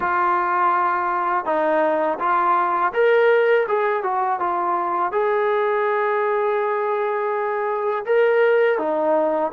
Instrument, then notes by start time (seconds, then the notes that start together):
trombone
0.00 F4
1.45 D#4
2.19 F4
2.93 A#4
3.68 G#4
4.03 F#4
4.39 F4
5.12 G#4
8.05 A#4
8.78 D#4